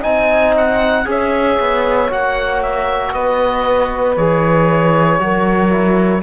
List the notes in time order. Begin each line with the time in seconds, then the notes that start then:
0.00 C4 D#4 D#5 G#5
0.57 F#5
1.05 C#4 G#4 C#5 E5
1.60 B3
2.10 A#3 F#4 F#5
2.62 E5
3.13 B3 B4 D#5
4.16 E3 G#4 C#5
5.20 F#3 F#4 A#4
5.70 E4